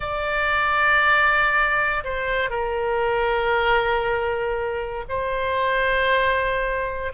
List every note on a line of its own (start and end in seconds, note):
0.00 2.03 D5
2.04 2.50 C5
2.50 5.04 A#4
5.08 7.12 C5